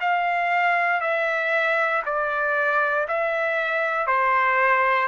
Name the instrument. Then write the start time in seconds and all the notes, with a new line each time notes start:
trumpet
0.00 F5
1.00 E5
2.05 D5
3.07 E5
4.07 C5